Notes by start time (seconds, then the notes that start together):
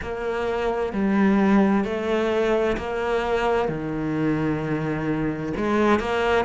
0.02 A#3
0.92 G3
1.84 A3
2.77 A#3
3.68 D#3
5.56 G#3
5.99 A#3